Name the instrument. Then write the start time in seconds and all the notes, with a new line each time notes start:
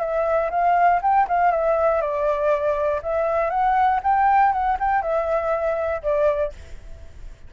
flute
0.00 E5
0.51 F5
1.02 G5
1.28 F5
1.51 E5
2.01 D5
3.02 E5
3.50 F#5
4.03 G5
4.52 F#5
4.80 G5
5.02 E5
6.02 D5